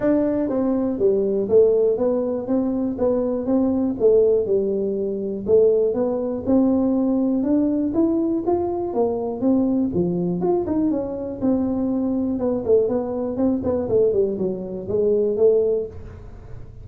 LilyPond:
\new Staff \with { instrumentName = "tuba" } { \time 4/4 \tempo 4 = 121 d'4 c'4 g4 a4 | b4 c'4 b4 c'4 | a4 g2 a4 | b4 c'2 d'4 |
e'4 f'4 ais4 c'4 | f4 f'8 dis'8 cis'4 c'4~ | c'4 b8 a8 b4 c'8 b8 | a8 g8 fis4 gis4 a4 | }